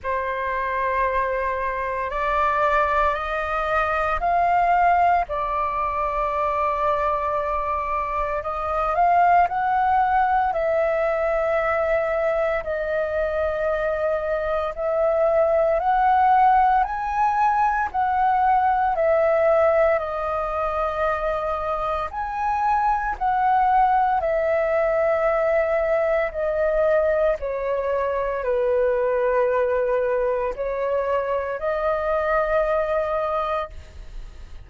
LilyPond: \new Staff \with { instrumentName = "flute" } { \time 4/4 \tempo 4 = 57 c''2 d''4 dis''4 | f''4 d''2. | dis''8 f''8 fis''4 e''2 | dis''2 e''4 fis''4 |
gis''4 fis''4 e''4 dis''4~ | dis''4 gis''4 fis''4 e''4~ | e''4 dis''4 cis''4 b'4~ | b'4 cis''4 dis''2 | }